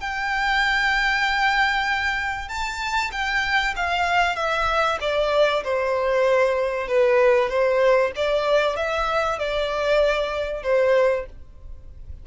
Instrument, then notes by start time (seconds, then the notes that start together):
violin
0.00 G5
2.48 A5
3.12 G5
3.76 F5
4.36 E5
5.01 D5
5.64 C5
6.88 B4
7.49 C5
8.16 D5
8.76 E5
9.39 D5
10.63 C5